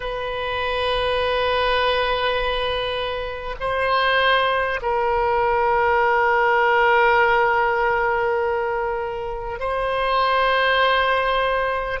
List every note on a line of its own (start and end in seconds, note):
0.00 3.55 B4
3.59 4.79 C5
4.82 9.59 A#4
9.59 11.99 C5